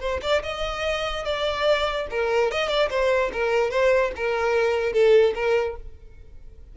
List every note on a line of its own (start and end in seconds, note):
0.00 0.21 C5
0.22 0.42 D5
0.43 1.24 D#5
1.24 2.07 D5
2.10 2.51 A#4
2.51 2.68 D#5
2.68 2.89 D5
2.90 3.31 C5
3.33 3.70 A#4
3.70 4.11 C5
4.16 4.92 A#4
4.92 5.33 A4
5.35 5.76 A#4